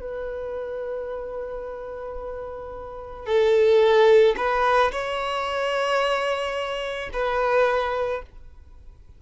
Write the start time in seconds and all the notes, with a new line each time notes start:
0.00 B4
3.26 A4
4.37 B4
4.92 C#5
7.13 B4